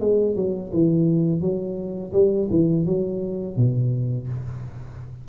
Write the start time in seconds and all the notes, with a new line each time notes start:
0.00 G#3
0.36 F#3
0.73 E3
1.41 F#3
2.13 G3
2.51 E3
2.86 F#3
3.57 B2